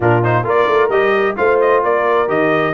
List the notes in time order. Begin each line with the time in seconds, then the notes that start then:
0.00 A#2 D4 F4 A#4
0.23 D#4 C5
0.43 A#3 F4 A#4 D5
0.66 A3
0.88 G3 G4 D#5
1.36 A3 F4 C5 F5
1.60 D#5
1.83 A#3 A#4 D5
2.27 D#3 G4 D#5